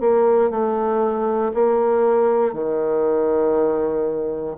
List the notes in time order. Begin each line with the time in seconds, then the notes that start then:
0.00 A#3
0.50 A3
1.53 A#3
2.53 D#3